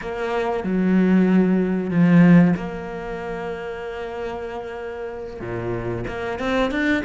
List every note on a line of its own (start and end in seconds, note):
0.01 0.63 A#3
0.63 1.90 F#3
1.90 2.54 F3
2.56 5.40 A#3
5.40 6.04 A#2
6.07 6.39 A#3
6.39 6.71 C4
6.71 7.02 D4